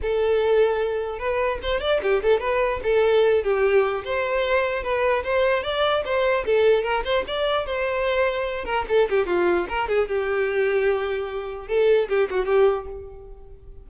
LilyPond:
\new Staff \with { instrumentName = "violin" } { \time 4/4 \tempo 4 = 149 a'2. b'4 | c''8 d''8 g'8 a'8 b'4 a'4~ | a'8 g'4. c''2 | b'4 c''4 d''4 c''4 |
a'4 ais'8 c''8 d''4 c''4~ | c''4. ais'8 a'8 g'8 f'4 | ais'8 gis'8 g'2.~ | g'4 a'4 g'8 fis'8 g'4 | }